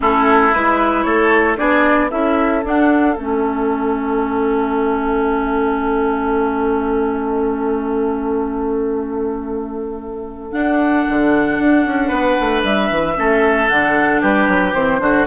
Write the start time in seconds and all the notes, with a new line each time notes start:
0.00 A3 C#4 E4 A4
0.53 G#3 E4 B4
1.03 A3 A4 C#5
1.56 B3 D4 G#4 D5
2.10 C#4 E4 A4 E5
2.63 D4 F#5
3.15 A3 C#4 E5
10.51 D4 F#5
11.09 D3
11.59 D4
11.85 C#4
12.08 B3 B4
12.40 A3
12.63 G3 E5
12.89 E3
13.16 A3 C#4 A4
13.68 D3 D4 F#5
14.21 G3 G4 B4
14.48 F#3
14.73 E3 C4 C5
14.99 D3 D4 F#4